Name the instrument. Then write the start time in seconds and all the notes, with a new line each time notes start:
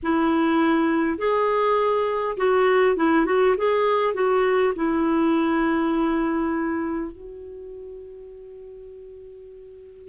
clarinet
0.03 E4
1.17 G#4
2.37 F#4
2.96 E4
3.25 F#4
3.57 G#4
4.14 F#4
4.75 E4
7.11 F#4